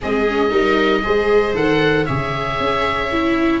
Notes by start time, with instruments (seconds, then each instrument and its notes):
0.01 tuba G#3, viola C4 G#4, oboe D#5
0.27 viola C#4
0.50 tuba G3, viola D#4 A#4
1.03 tuba G#3, viola G#4 C5
1.54 tuba D#3, viola A4, oboe F#5
2.05 tuba C#3, viola G#4 C#5, oboe E5
2.59 tuba C#4
3.11 viola E4